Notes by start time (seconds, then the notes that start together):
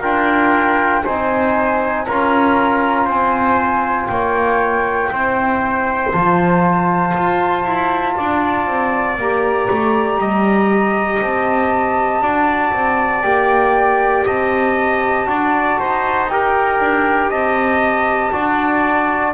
0.00 D4 F4 A#4 G5
1.04 C4 D#4 C5 G#5
2.05 C#4 F4 A#4 A#5
3.05 C4 C5 G#5
4.07 A#3 C#5 G5
5.12 C4 E4 C5
6.12 F3 F4 A5
7.17 F4
7.64 E4
8.17 D4 D5
8.67 C4
9.17 A#3 G4 A#5
9.70 A3
10.18 G3 D#5
11.22 C4 A5
12.21 D4 F#4 D5
12.72 C4
13.22 A#3 G4 G5
14.25 C4 D#5 A5
15.26 D4 F#4 D5
15.79 D#4 C5
16.29 G4 A#4 G5
16.79 D4
17.30 C4 D#5 A5
18.32 D4 F#4 D5